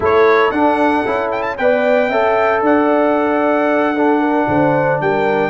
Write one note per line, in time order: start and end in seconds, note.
0.00 0.51 A3
0.00 0.52 E4
0.00 1.57 A4
0.00 0.51 C#5
0.51 1.04 D4
0.51 1.05 D4
0.51 1.30 F#5
1.05 1.58 C#4
1.05 1.58 E4
1.31 1.42 G5
1.42 1.55 A5
1.57 2.09 B3
1.57 2.11 B4
1.57 2.09 D5
1.57 2.62 G5
2.09 2.61 C#4
2.09 3.96 A4
2.09 2.61 E5
2.61 4.46 D4
2.61 3.94 D5
2.61 5.01 F#5
3.94 5.50 D4
3.94 4.20 A4
4.20 4.46 A#4
4.48 5.00 D3
4.48 5.01 C5
5.00 5.50 G3
5.00 5.50 A#4
5.00 5.50 G5